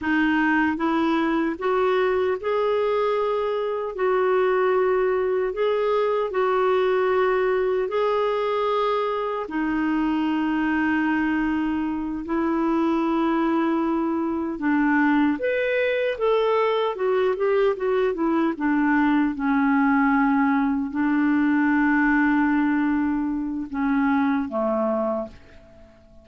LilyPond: \new Staff \with { instrumentName = "clarinet" } { \time 4/4 \tempo 4 = 76 dis'4 e'4 fis'4 gis'4~ | gis'4 fis'2 gis'4 | fis'2 gis'2 | dis'2.~ dis'8 e'8~ |
e'2~ e'8 d'4 b'8~ | b'8 a'4 fis'8 g'8 fis'8 e'8 d'8~ | d'8 cis'2 d'4.~ | d'2 cis'4 a4 | }